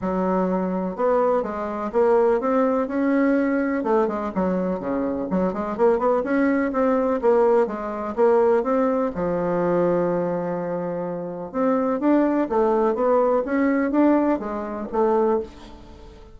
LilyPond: \new Staff \with { instrumentName = "bassoon" } { \time 4/4 \tempo 4 = 125 fis2 b4 gis4 | ais4 c'4 cis'2 | a8 gis8 fis4 cis4 fis8 gis8 | ais8 b8 cis'4 c'4 ais4 |
gis4 ais4 c'4 f4~ | f1 | c'4 d'4 a4 b4 | cis'4 d'4 gis4 a4 | }